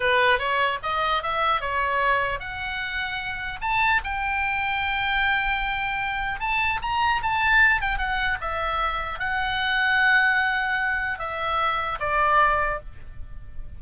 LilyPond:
\new Staff \with { instrumentName = "oboe" } { \time 4/4 \tempo 4 = 150 b'4 cis''4 dis''4 e''4 | cis''2 fis''2~ | fis''4 a''4 g''2~ | g''1 |
a''4 ais''4 a''4. g''8 | fis''4 e''2 fis''4~ | fis''1 | e''2 d''2 | }